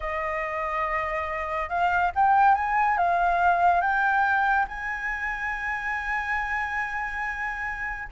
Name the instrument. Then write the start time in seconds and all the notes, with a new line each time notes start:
flute
0.00 D#5
1.69 F5
2.15 G5
2.55 G#5
2.97 F5
3.81 G5
4.68 G#5